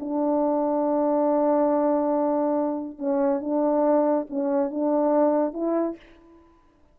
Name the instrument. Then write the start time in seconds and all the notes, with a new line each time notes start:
horn
0.00 D4
2.99 C#4
3.41 D4
4.30 C#4
4.71 D4
5.53 E4